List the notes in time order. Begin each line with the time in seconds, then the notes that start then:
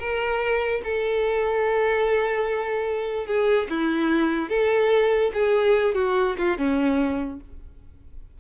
0.00 A#4
0.85 A4
3.27 G#4
3.70 E4
4.50 A4
5.34 G#4
5.95 F#4
6.38 F4
6.58 C#4